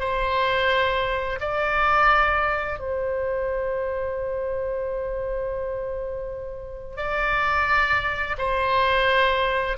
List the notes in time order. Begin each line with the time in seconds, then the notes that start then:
0.00 C5
1.41 D5
2.80 C5
6.97 D5
8.38 C5